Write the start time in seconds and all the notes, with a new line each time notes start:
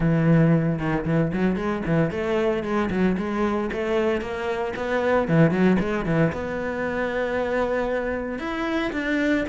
0.00 E3
0.78 D#3
1.05 E3
1.33 F#3
1.56 G#3
1.85 E3
2.11 A3
2.63 G#3
2.90 F#3
3.17 G#3
3.72 A3
4.21 A#3
4.76 B3
5.28 E3
5.50 F#3
5.79 G#3
6.05 E3
6.32 B3
8.39 E4
8.92 D4